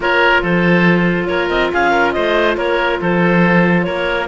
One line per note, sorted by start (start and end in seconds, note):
0.00 0.42 A#3
0.00 4.27 F4
0.00 0.42 A#4
0.00 0.44 C#5
0.42 1.28 F3
0.42 1.27 A4
0.42 1.27 C5
1.27 1.50 A#3
1.27 1.72 A#4
1.27 1.48 C#5
1.49 1.71 C4
1.49 1.71 D#5
1.72 2.16 C#4
1.72 1.91 G#4
1.72 2.12 F5
1.91 2.12 A#4
2.12 2.56 A3
2.12 2.57 C5
2.12 2.55 D#5
2.56 2.99 A#3
2.56 3.00 A#4
2.56 3.00 C#5
3.01 3.87 F3
3.01 3.86 A4
3.01 3.83 C5
3.83 4.27 A#3
3.83 4.27 A#4
3.83 4.26 C#5